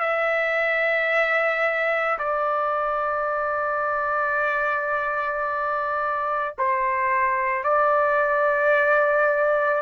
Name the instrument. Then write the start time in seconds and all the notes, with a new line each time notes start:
trumpet
0.00 E5
2.19 D5
6.59 C5
7.64 D5